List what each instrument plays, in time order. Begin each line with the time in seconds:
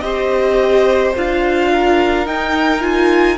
0.00 cello C4, viola G4, violin C5 D#5
1.16 cello D4, viola F4, violin F5
1.72 violin A#4
2.26 viola D#4, cello D#4, violin G5
2.81 viola F4, violin G#5